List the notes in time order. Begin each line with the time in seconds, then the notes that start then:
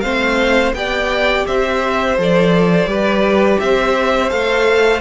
0.00 A3 C4 C5 F5
0.72 B3 G4 D5 G5
1.46 C4 C5 E5
2.17 F3 A4 D5
2.85 G3 G4 B4
3.59 C4 C5 E5
4.29 A3 A4 F5